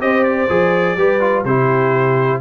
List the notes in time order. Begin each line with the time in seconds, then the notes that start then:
0.00 C4 G4 C5 D#5
0.24 D5
0.49 F3 G#4
0.96 G3 G4 B4
1.20 F4
1.44 C3 E4 G4 C5